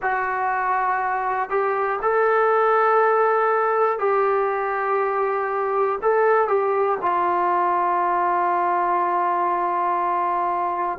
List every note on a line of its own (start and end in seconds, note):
0.02 1.50 F#4
1.50 2.00 G4
2.02 3.98 A4
3.98 5.98 G4
6.01 6.47 A4
6.47 6.97 G4
7.01 10.99 F4